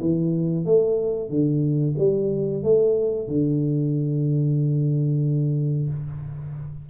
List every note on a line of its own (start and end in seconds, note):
0.00 0.65 E3
0.65 1.29 A3
1.29 1.94 D3
1.98 2.63 G3
2.63 3.28 A3
3.28 5.89 D3